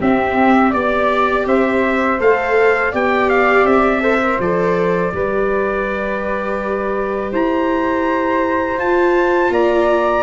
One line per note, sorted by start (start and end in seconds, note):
0.00 0.74 C4
0.00 0.73 C4
0.00 0.70 G4
0.00 0.73 E5
0.70 1.46 B3
0.70 2.19 G4
0.70 1.43 D5
0.70 1.47 D5
1.46 2.20 C4
1.46 2.92 C5
1.46 2.21 E5
2.20 2.94 A3
2.20 2.93 A4
2.20 2.95 F5
2.92 3.65 B3
2.92 4.01 G4
2.92 4.02 D5
2.92 3.30 G5
3.30 3.66 F5
3.65 4.38 C4
3.65 4.39 E5
4.01 4.19 A4
4.01 5.12 C5
4.23 4.41 A#4
4.40 5.13 F3
4.40 5.15 A4
4.40 7.34 D5
5.13 7.33 G3
5.13 8.76 G4
5.13 7.32 B4
7.32 8.79 E4
7.32 9.52 C5
7.32 8.80 A#5
8.76 10.23 F4
8.76 9.50 F4
8.76 9.53 A5
9.50 10.23 A#3
9.50 10.24 D5
9.50 10.24 A#5